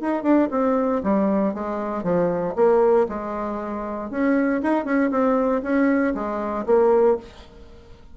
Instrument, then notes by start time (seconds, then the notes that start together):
bassoon
0.00 D#4
0.22 D4
0.51 C4
1.03 G3
1.53 G#3
2.03 F3
2.55 A#3
3.08 G#3
4.10 C#4
4.62 D#4
4.84 C#4
5.10 C4
5.62 C#4
6.14 G#3
6.65 A#3